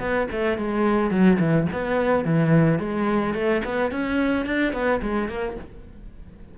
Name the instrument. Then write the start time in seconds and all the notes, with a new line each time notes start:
cello
0.00 B3
0.32 A3
0.58 G#3
1.11 F#3
1.40 E3
1.72 B3
2.25 E3
2.79 G#3
3.34 A3
3.65 B3
3.91 C#4
4.46 D4
4.73 B3
5.02 G#3
5.29 A#3